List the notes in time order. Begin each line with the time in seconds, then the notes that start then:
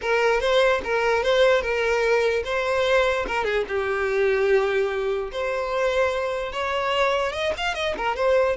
0.01 A#4
0.40 C5
0.84 A#4
1.23 C5
1.61 A#4
2.44 C5
3.27 A#4
3.44 G#4
3.67 G4
5.32 C5
6.52 C#5
7.32 D#5
7.57 F5
7.74 D#5
7.97 A#4
8.16 C5